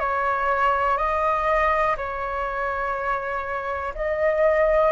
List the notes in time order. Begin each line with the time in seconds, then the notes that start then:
0.00 C#5
0.97 D#5
1.97 C#5
3.95 D#5